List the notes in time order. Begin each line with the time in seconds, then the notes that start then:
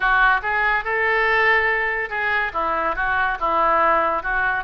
0.00 F#4
0.42 G#4
0.84 A4
2.09 G#4
2.53 E4
2.95 F#4
3.40 E4
4.23 F#4